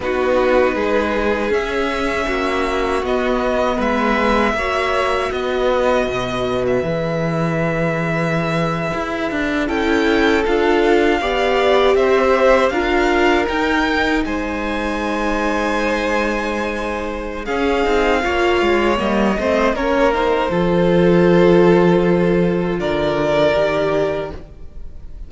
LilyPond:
<<
  \new Staff \with { instrumentName = "violin" } { \time 4/4 \tempo 4 = 79 b'2 e''2 | dis''4 e''2 dis''4~ | dis''8. e''2.~ e''16~ | e''8. g''4 f''2 e''16~ |
e''8. f''4 g''4 gis''4~ gis''16~ | gis''2. f''4~ | f''4 dis''4 cis''8 c''4.~ | c''2 d''2 | }
  \new Staff \with { instrumentName = "violin" } { \time 4/4 fis'4 gis'2 fis'4~ | fis'4 b'4 cis''4 b'4~ | b'1~ | b'8. a'2 d''4 c''16~ |
c''8. ais'2 c''4~ c''16~ | c''2. gis'4 | cis''4. c''8 ais'4 a'4~ | a'2 ais'2 | }
  \new Staff \with { instrumentName = "viola" } { \time 4/4 dis'2 cis'2 | b2 fis'2~ | fis'4 gis'2.~ | gis'8. e'4 f'4 g'4~ g'16~ |
g'8. f'4 dis'2~ dis'16~ | dis'2. cis'8 dis'8 | f'4 ais8 c'8 cis'8 dis'8 f'4~ | f'2. g'4 | }
  \new Staff \with { instrumentName = "cello" } { \time 4/4 b4 gis4 cis'4 ais4 | b4 gis4 ais4 b4 | b,4 e2~ e8. e'16~ | e'16 d'8 cis'4 d'4 b4 c'16~ |
c'8. d'4 dis'4 gis4~ gis16~ | gis2. cis'8 c'8 | ais8 gis8 g8 a8 ais4 f4~ | f2 d4 dis4 | }
>>